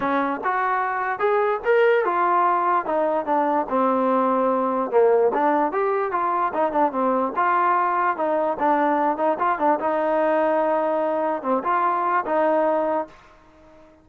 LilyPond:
\new Staff \with { instrumentName = "trombone" } { \time 4/4 \tempo 4 = 147 cis'4 fis'2 gis'4 | ais'4 f'2 dis'4 | d'4 c'2. | ais4 d'4 g'4 f'4 |
dis'8 d'8 c'4 f'2 | dis'4 d'4. dis'8 f'8 d'8 | dis'1 | c'8 f'4. dis'2 | }